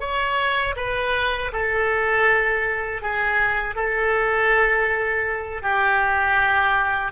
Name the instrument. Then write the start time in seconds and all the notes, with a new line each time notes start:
oboe
0.00 C#5
0.76 B4
1.52 A4
3.02 G#4
3.75 A4
5.62 G4